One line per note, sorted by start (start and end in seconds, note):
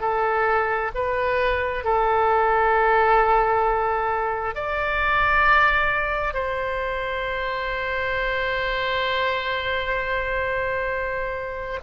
0.00 0.91 A4
0.95 1.84 B4
1.84 4.55 A4
4.55 6.34 D5
6.34 11.79 C5